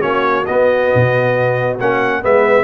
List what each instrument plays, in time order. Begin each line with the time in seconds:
0.00 tuba A#3, trombone C#4, horn F#4, trumpet C#5
0.46 trombone B3, tuba B3, trumpet D#5
0.95 tuba B2
1.80 tuba A#3, trombone C#4, trumpet F#5
2.22 tuba G#3, trombone B3, horn B4, trumpet E5